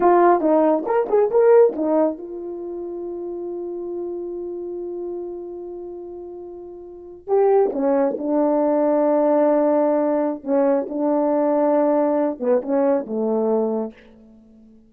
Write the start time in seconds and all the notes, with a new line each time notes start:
0.00 F4
0.40 D#4
0.86 A#4
1.08 G#4
1.30 A#4
1.75 D#4
2.18 F4
7.27 G4
7.72 C#4
8.17 D4
10.43 C#4
10.89 D4
12.39 B3
12.62 C#4
13.06 A3